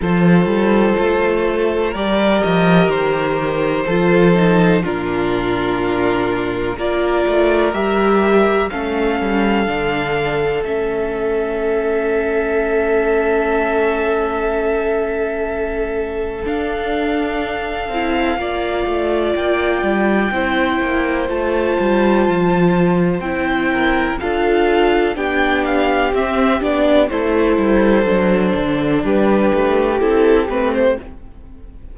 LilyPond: <<
  \new Staff \with { instrumentName = "violin" } { \time 4/4 \tempo 4 = 62 c''2 d''8 dis''8 c''4~ | c''4 ais'2 d''4 | e''4 f''2 e''4~ | e''1~ |
e''4 f''2. | g''2 a''2 | g''4 f''4 g''8 f''8 e''8 d''8 | c''2 b'4 a'8 b'16 c''16 | }
  \new Staff \with { instrumentName = "violin" } { \time 4/4 a'2 ais'2 | a'4 f'2 ais'4~ | ais'4 a'2.~ | a'1~ |
a'2. d''4~ | d''4 c''2.~ | c''8 ais'8 a'4 g'2 | a'2 g'2 | }
  \new Staff \with { instrumentName = "viola" } { \time 4/4 f'2 g'2 | f'8 dis'8 d'2 f'4 | g'4 cis'4 d'4 cis'4~ | cis'1~ |
cis'4 d'4. e'8 f'4~ | f'4 e'4 f'2 | e'4 f'4 d'4 c'8 d'8 | e'4 d'2 e'8 c'8 | }
  \new Staff \with { instrumentName = "cello" } { \time 4/4 f8 g8 a4 g8 f8 dis4 | f4 ais,2 ais8 a8 | g4 a8 g8 d4 a4~ | a1~ |
a4 d'4. c'8 ais8 a8 | ais8 g8 c'8 ais8 a8 g8 f4 | c'4 d'4 b4 c'8 b8 | a8 g8 fis8 d8 g8 a8 c'8 a8 | }
>>